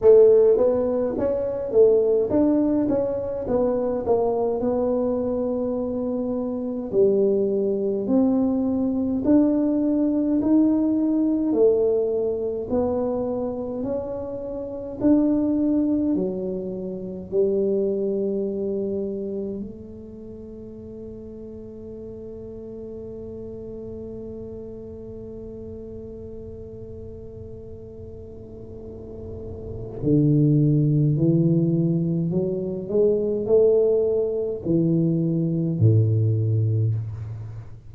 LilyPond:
\new Staff \with { instrumentName = "tuba" } { \time 4/4 \tempo 4 = 52 a8 b8 cis'8 a8 d'8 cis'8 b8 ais8 | b2 g4 c'4 | d'4 dis'4 a4 b4 | cis'4 d'4 fis4 g4~ |
g4 a2.~ | a1~ | a2 d4 e4 | fis8 gis8 a4 e4 a,4 | }